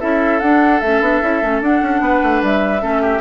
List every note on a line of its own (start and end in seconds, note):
0.00 0.42 C#4
0.00 0.40 E4
0.00 2.01 A4
0.00 0.40 E5
0.40 0.82 D4
0.40 0.83 D4
0.40 0.80 F#5
0.80 1.01 A3
0.80 1.02 C#4
0.80 1.61 E5
1.01 1.21 B3
1.01 1.22 D4
1.22 1.42 C#4
1.22 1.42 E4
1.42 1.62 A3
1.42 1.62 C#4
1.62 1.82 D4
1.62 2.81 D4
1.62 2.44 F#5
1.82 2.01 C#4
2.01 2.21 B3
2.01 2.83 B4
2.23 2.43 A3
2.43 2.83 G3
2.43 3.21 E5
2.81 3.21 A3
2.81 3.21 C#4
2.81 3.02 A4
3.02 3.21 G4